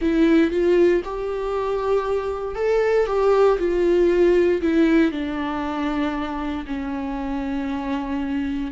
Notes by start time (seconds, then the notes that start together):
0.01 E4
0.50 F4
1.04 G4
2.55 A4
3.06 G4
3.58 F4
4.61 E4
5.11 D4
6.66 C#4